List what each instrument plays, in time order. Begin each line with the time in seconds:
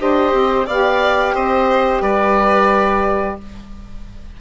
0.00 bassoon D4, violin G4, saxophone C5, oboe D#5
0.33 bassoon C4
0.66 bassoon B3, saxophone G4, violin D5, oboe F5
1.34 bassoon C4, violin C5, oboe D#5
2.01 bassoon G3, violin B4, oboe D5